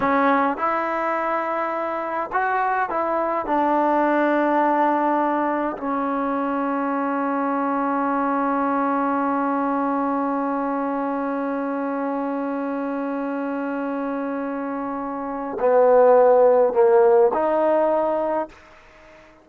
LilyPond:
\new Staff \with { instrumentName = "trombone" } { \time 4/4 \tempo 4 = 104 cis'4 e'2. | fis'4 e'4 d'2~ | d'2 cis'2~ | cis'1~ |
cis'1~ | cis'1~ | cis'2. b4~ | b4 ais4 dis'2 | }